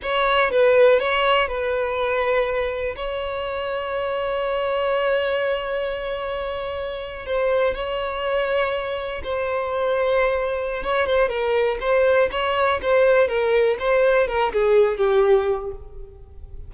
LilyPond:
\new Staff \with { instrumentName = "violin" } { \time 4/4 \tempo 4 = 122 cis''4 b'4 cis''4 b'4~ | b'2 cis''2~ | cis''1~ | cis''2~ cis''8. c''4 cis''16~ |
cis''2~ cis''8. c''4~ c''16~ | c''2 cis''8 c''8 ais'4 | c''4 cis''4 c''4 ais'4 | c''4 ais'8 gis'4 g'4. | }